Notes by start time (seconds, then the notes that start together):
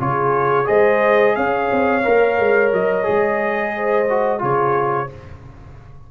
0.00 C#3 F4 G#4 C#5
0.65 G#3 G#4 C5 D#5
1.36 C#4 C#5 F5
1.72 C4
2.04 A#3 A#4
2.39 G#3
2.73 F#3 D#5
3.04 G#3 G#4
3.76 C5
4.10 F#4
4.39 C#3 F4 G#4 C#5